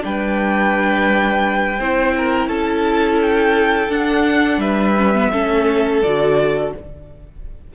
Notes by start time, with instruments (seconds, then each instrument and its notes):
0.00 cello G3, viola D4, violin B4 G5
1.78 cello C4, viola E4, violin C5
2.17 violin A#4
2.46 cello C#4, violin A4 A5
3.21 violin G5
3.88 cello D4, viola D4, violin F#5
4.57 cello G3, violin B4 E5
4.97 viola C#4
5.14 viola B3
5.32 cello A3, viola C#4, violin A4
6.02 cello D3, viola F#4, violin D5